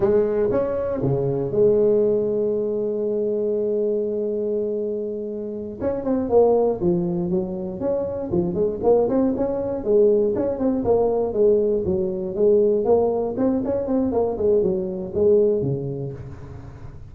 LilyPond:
\new Staff \with { instrumentName = "tuba" } { \time 4/4 \tempo 4 = 119 gis4 cis'4 cis4 gis4~ | gis1~ | gis2.~ gis8 cis'8 | c'8 ais4 f4 fis4 cis'8~ |
cis'8 f8 gis8 ais8 c'8 cis'4 gis8~ | gis8 cis'8 c'8 ais4 gis4 fis8~ | fis8 gis4 ais4 c'8 cis'8 c'8 | ais8 gis8 fis4 gis4 cis4 | }